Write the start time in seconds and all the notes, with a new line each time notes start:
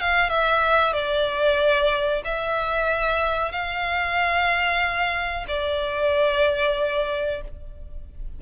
0.00 F5
0.29 E5
0.93 D5
2.25 E5
3.52 F5
5.48 D5